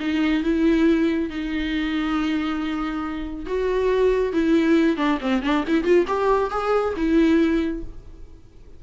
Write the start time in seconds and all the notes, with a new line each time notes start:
0.00 D#4
0.44 E4
1.30 D#4
3.46 F#4
4.33 E4
4.97 D4
5.21 C4
5.43 D4
5.68 E4
5.84 F4
6.08 G4
6.51 G#4
6.97 E4